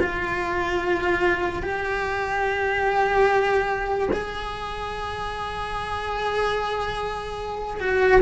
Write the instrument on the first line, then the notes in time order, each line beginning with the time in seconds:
cello
0.00 F4
1.63 G4
4.13 G#4
7.80 F#4